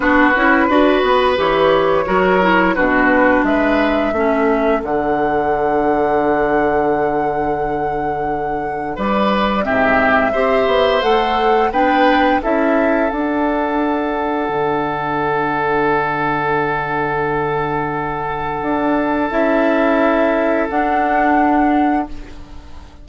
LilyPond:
<<
  \new Staff \with { instrumentName = "flute" } { \time 4/4 \tempo 4 = 87 b'2 cis''2 | b'4 e''2 fis''4~ | fis''1~ | fis''4 d''4 e''2 |
fis''4 g''4 e''4 fis''4~ | fis''1~ | fis''1 | e''2 fis''2 | }
  \new Staff \with { instrumentName = "oboe" } { \time 4/4 fis'4 b'2 ais'4 | fis'4 b'4 a'2~ | a'1~ | a'4 b'4 g'4 c''4~ |
c''4 b'4 a'2~ | a'1~ | a'1~ | a'1 | }
  \new Staff \with { instrumentName = "clarinet" } { \time 4/4 d'8 e'8 fis'4 g'4 fis'8 e'8 | d'2 cis'4 d'4~ | d'1~ | d'2 c'4 g'4 |
a'4 d'4 e'4 d'4~ | d'1~ | d'1 | e'2 d'2 | }
  \new Staff \with { instrumentName = "bassoon" } { \time 4/4 b8 cis'8 d'8 b8 e4 fis4 | b,4 gis4 a4 d4~ | d1~ | d4 g4 gis,4 c'8 b8 |
a4 b4 cis'4 d'4~ | d'4 d2.~ | d2. d'4 | cis'2 d'2 | }
>>